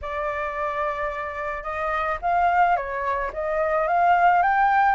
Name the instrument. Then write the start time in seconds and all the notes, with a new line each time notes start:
flute
0.01 D5
1.63 D#5
2.21 F5
2.76 C#5
3.33 D#5
3.87 F5
4.42 G5